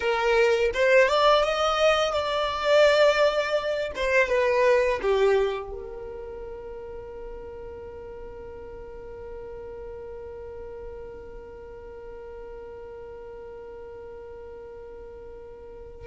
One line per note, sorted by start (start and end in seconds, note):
0.00 0.70 A#4
0.73 1.08 C5
1.08 1.43 D5
1.43 2.13 D#5
2.13 3.91 D5
3.95 4.28 C5
4.28 5.00 B4
5.02 5.71 G4
5.71 16.07 A#4